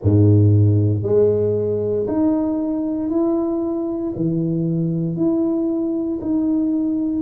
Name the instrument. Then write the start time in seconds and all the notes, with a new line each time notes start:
tuba
0.02 G#2
1.03 G#3
2.07 D#4
3.09 E4
4.16 E3
5.16 E4
6.21 D#4